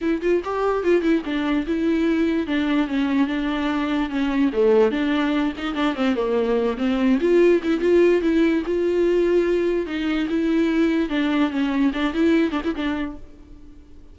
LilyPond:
\new Staff \with { instrumentName = "viola" } { \time 4/4 \tempo 4 = 146 e'8 f'8 g'4 f'8 e'8 d'4 | e'2 d'4 cis'4 | d'2 cis'4 a4 | d'4. dis'8 d'8 c'8 ais4~ |
ais8 c'4 f'4 e'8 f'4 | e'4 f'2. | dis'4 e'2 d'4 | cis'4 d'8 e'4 d'16 e'16 d'4 | }